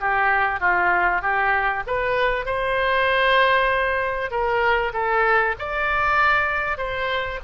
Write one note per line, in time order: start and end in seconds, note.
0.00 0.60 G4
0.60 1.22 F4
1.22 1.84 G4
1.87 2.46 B4
2.46 4.31 C5
4.31 4.93 A#4
4.93 5.55 A4
5.59 6.78 D5
6.78 7.39 C5